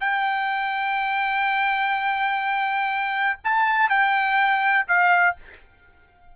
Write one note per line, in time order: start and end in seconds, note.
0.00 3.39 G5
3.44 3.90 A5
3.90 4.86 G5
4.88 5.36 F5